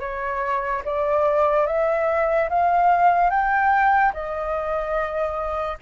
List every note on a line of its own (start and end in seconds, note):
0.00 0.82 C#5
0.85 1.67 D5
1.67 2.49 E5
2.50 3.30 F5
3.30 4.12 G5
4.14 5.78 D#5